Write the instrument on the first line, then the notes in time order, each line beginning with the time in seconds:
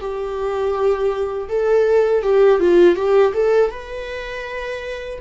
viola
0.00 G4
1.48 A4
2.23 G4
2.60 F4
2.96 G4
3.33 A4
3.71 B4